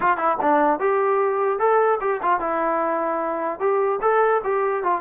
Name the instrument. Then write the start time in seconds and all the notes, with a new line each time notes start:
trombone
0.00 F4
0.17 E4
0.41 D4
0.79 G4
1.59 A4
2.01 G4
2.22 F4
2.40 E4
3.59 G4
4.01 A4
4.44 G4
4.83 F4